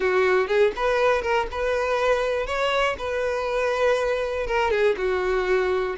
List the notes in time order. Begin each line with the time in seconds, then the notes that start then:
0.00 F#4
0.47 G#4
0.76 B4
1.21 A#4
1.51 B4
2.46 C#5
2.98 B4
4.46 A#4
4.70 G#4
4.97 F#4